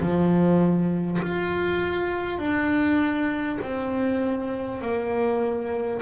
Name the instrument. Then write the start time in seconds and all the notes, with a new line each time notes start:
double bass
0.00 F3
1.22 F4
2.38 D4
3.62 C4
4.81 A#3